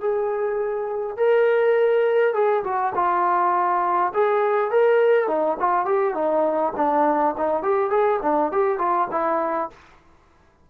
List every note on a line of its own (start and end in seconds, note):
0.00 1.17 G#4
1.17 2.34 A#4
2.34 2.63 G#4
2.64 2.93 F#4
2.95 4.12 F4
4.14 4.71 G#4
4.71 5.27 A#4
5.27 5.57 D#4
5.59 5.85 F4
5.85 6.14 G4
6.14 6.73 D#4
6.76 7.35 D4
7.37 7.62 D#4
7.62 7.90 G4
7.90 8.20 G#4
8.22 8.51 D4
8.52 8.78 G4
8.78 9.07 F4
9.11 9.70 E4